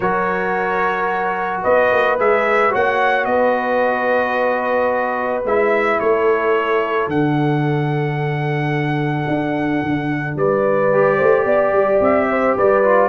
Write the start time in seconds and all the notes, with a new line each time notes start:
0.00 F#3 F#4 A#4 C#5
1.62 B3 B4 D#5
1.91 A#3
2.19 G#3 G#4 E5
2.70 A#3 F#4 C#5 F#5
3.25 B3 B4 D#5
5.44 G#3 E4 E5
5.99 A3 A4 C#5
7.07 D3 D4 F#5
9.27 D4
9.82 D3
10.35 G3 B4 D5
10.92 G4
11.16 A3 C5
11.45 B3 D5
11.72 G3
12.00 C4 E5
12.29 C5
12.56 G3 B4 D5
12.83 F4